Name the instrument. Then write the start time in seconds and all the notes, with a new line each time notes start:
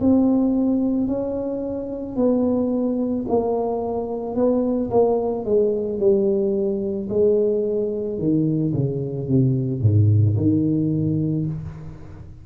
tuba
0.00 C4
1.07 C#4
2.16 B3
3.28 A#3
4.35 B3
4.90 A#3
5.44 G#3
5.99 G3
7.09 G#3
8.18 D#3
8.73 C#3
9.27 C3
9.81 G#2
10.36 D#3